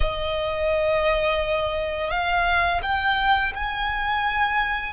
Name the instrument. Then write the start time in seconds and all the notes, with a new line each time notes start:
violin
0.00 D#5
2.10 F5
2.82 G5
3.54 G#5